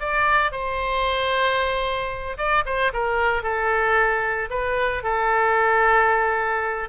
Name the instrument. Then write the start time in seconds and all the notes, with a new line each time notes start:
oboe
0.00 D5
0.51 C5
2.37 D5
2.65 C5
2.93 A#4
3.42 A4
4.50 B4
5.03 A4